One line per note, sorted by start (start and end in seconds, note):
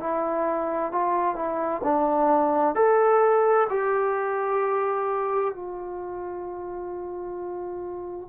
0.00 0.92 E4
0.92 1.36 F4
1.36 1.82 E4
1.83 2.75 D4
2.75 3.68 A4
3.69 5.54 G4
5.54 8.29 F4